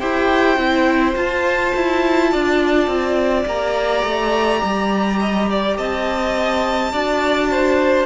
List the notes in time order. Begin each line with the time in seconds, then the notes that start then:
0.00 E4 G4 C5 G5
0.57 C4 E4
1.14 F4 A5
1.76 E4
2.31 D4 D5
2.87 C4
3.46 A#3 G4 A#5
4.04 A3
4.64 G3
5.20 D#5
5.50 D5
5.77 C4 D#5 A5
6.93 D4 F#4 D5
7.51 C5